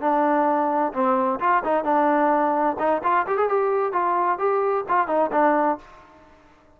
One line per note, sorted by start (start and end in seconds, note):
0.00 0.92 D4
0.93 1.39 C4
1.40 1.63 F4
1.64 1.84 D#4
1.84 2.76 D4
2.78 3.01 D#4
3.03 3.26 F4
3.26 3.37 G4
3.37 3.49 G#4
3.49 3.92 G4
3.92 4.38 F4
4.38 4.84 G4
4.88 5.07 F4
5.07 5.30 D#4
5.32 5.78 D4